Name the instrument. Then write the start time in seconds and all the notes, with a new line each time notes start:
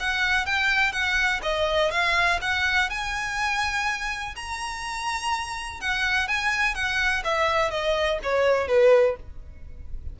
violin
0.00 F#5
0.46 G5
0.92 F#5
1.43 D#5
1.91 F5
2.41 F#5
2.90 G#5
4.36 A#5
5.80 F#5
6.28 G#5
6.75 F#5
7.24 E5
7.71 D#5
8.23 C#5
8.68 B4